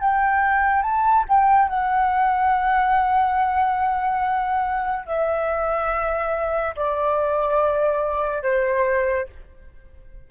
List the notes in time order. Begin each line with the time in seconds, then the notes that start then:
0.00 G5
0.82 A5
1.29 G5
1.69 F#5
5.06 E5
6.76 D5
8.43 C5